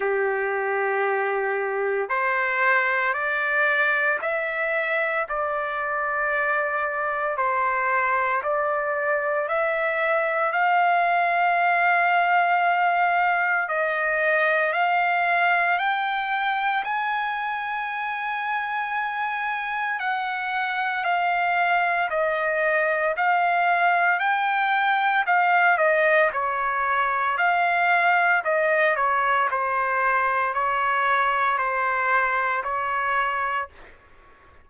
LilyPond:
\new Staff \with { instrumentName = "trumpet" } { \time 4/4 \tempo 4 = 57 g'2 c''4 d''4 | e''4 d''2 c''4 | d''4 e''4 f''2~ | f''4 dis''4 f''4 g''4 |
gis''2. fis''4 | f''4 dis''4 f''4 g''4 | f''8 dis''8 cis''4 f''4 dis''8 cis''8 | c''4 cis''4 c''4 cis''4 | }